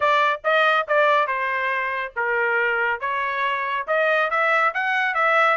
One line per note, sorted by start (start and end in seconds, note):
0.00 0.40 D5
0.44 0.87 D#5
0.87 1.27 D5
1.27 2.12 C5
2.15 3.00 A#4
3.00 3.86 C#5
3.87 4.30 D#5
4.30 4.73 E5
4.74 5.14 F#5
5.14 5.57 E5